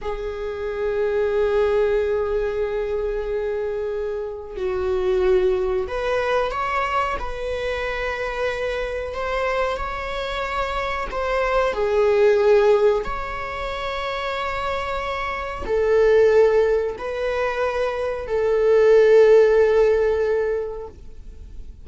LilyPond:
\new Staff \with { instrumentName = "viola" } { \time 4/4 \tempo 4 = 92 gis'1~ | gis'2. fis'4~ | fis'4 b'4 cis''4 b'4~ | b'2 c''4 cis''4~ |
cis''4 c''4 gis'2 | cis''1 | a'2 b'2 | a'1 | }